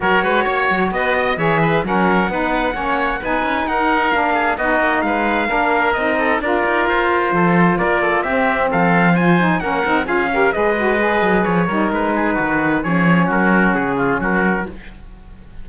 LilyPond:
<<
  \new Staff \with { instrumentName = "trumpet" } { \time 4/4 \tempo 4 = 131 cis''2 dis''4 e''4 | fis''2. gis''4 | fis''4 f''4 dis''4 f''4~ | f''4 dis''4 d''4 c''4~ |
c''4 d''4 e''4 f''4 | gis''4 fis''4 f''4 dis''4~ | dis''4 cis''4 b'2 | cis''4 ais'4 gis'4 ais'4 | }
  \new Staff \with { instrumentName = "oboe" } { \time 4/4 ais'8 b'8 cis''4 b'8 dis''8 cis''8 b'8 | ais'4 b'4 cis''4 b'4 | ais'4. gis'8 fis'4 b'4 | ais'4. a'8 ais'2 |
a'4 ais'8 a'8 g'4 a'4 | c''4 ais'4 gis'8 ais'8 b'4~ | b'4. ais'4 gis'8 fis'4 | gis'4 fis'4. f'8 fis'4 | }
  \new Staff \with { instrumentName = "saxophone" } { \time 4/4 fis'2. gis'4 | cis'4 dis'4 cis'4 dis'4~ | dis'4 d'4 dis'2 | d'4 dis'4 f'2~ |
f'2 c'2 | f'8 dis'8 cis'8 dis'8 f'8 g'8 gis'8 fis'8 | gis'4. dis'2~ dis'8 | cis'1 | }
  \new Staff \with { instrumentName = "cello" } { \time 4/4 fis8 gis8 ais8 fis8 b4 e4 | fis4 b4 ais4 b8 cis'8 | dis'4 ais4 b8 ais8 gis4 | ais4 c'4 d'8 dis'8 f'4 |
f4 ais4 c'4 f4~ | f4 ais8 c'8 cis'4 gis4~ | gis8 fis8 f8 g8 gis4 dis4 | f4 fis4 cis4 fis4 | }
>>